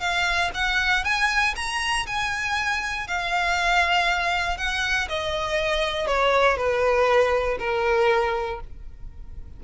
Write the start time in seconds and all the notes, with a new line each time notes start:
0.00 F5
0.54 F#5
1.04 G#5
1.56 A#5
2.06 G#5
3.07 F5
4.57 F#5
5.09 D#5
6.07 C#5
6.57 B4
7.59 A#4